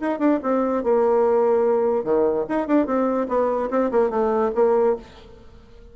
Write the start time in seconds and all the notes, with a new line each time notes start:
0.00 D#4
0.19 D4
0.42 C4
0.83 A#3
2.04 D#3
2.49 D#4
2.67 D4
2.86 C4
3.28 B3
3.70 C4
3.91 A#3
4.10 A3
4.55 A#3